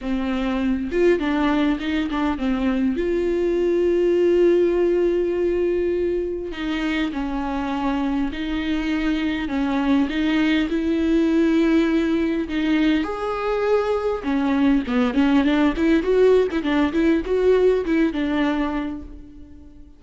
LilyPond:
\new Staff \with { instrumentName = "viola" } { \time 4/4 \tempo 4 = 101 c'4. f'8 d'4 dis'8 d'8 | c'4 f'2.~ | f'2. dis'4 | cis'2 dis'2 |
cis'4 dis'4 e'2~ | e'4 dis'4 gis'2 | cis'4 b8 cis'8 d'8 e'8 fis'8. e'16 | d'8 e'8 fis'4 e'8 d'4. | }